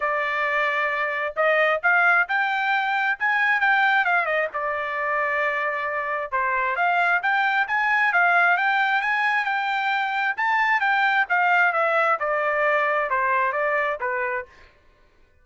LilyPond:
\new Staff \with { instrumentName = "trumpet" } { \time 4/4 \tempo 4 = 133 d''2. dis''4 | f''4 g''2 gis''4 | g''4 f''8 dis''8 d''2~ | d''2 c''4 f''4 |
g''4 gis''4 f''4 g''4 | gis''4 g''2 a''4 | g''4 f''4 e''4 d''4~ | d''4 c''4 d''4 b'4 | }